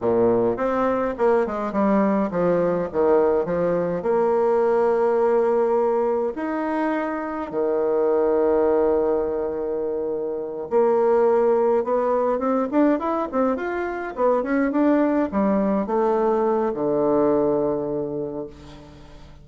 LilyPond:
\new Staff \with { instrumentName = "bassoon" } { \time 4/4 \tempo 4 = 104 ais,4 c'4 ais8 gis8 g4 | f4 dis4 f4 ais4~ | ais2. dis'4~ | dis'4 dis2.~ |
dis2~ dis8 ais4.~ | ais8 b4 c'8 d'8 e'8 c'8 f'8~ | f'8 b8 cis'8 d'4 g4 a8~ | a4 d2. | }